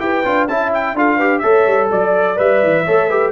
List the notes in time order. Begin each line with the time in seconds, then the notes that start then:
0.00 E4 G4 B4 G5
0.25 D4 F4
0.49 C#4 E4 E5 A5
0.74 G5
0.95 D4 F4 A4 F5
1.17 G4 B4
1.40 A3 A4 C#5 E5
1.67 G3
1.92 F#3 D5
2.37 G3 B4 E5
2.64 E3
2.86 A3 A4 C#5
3.09 G4 B4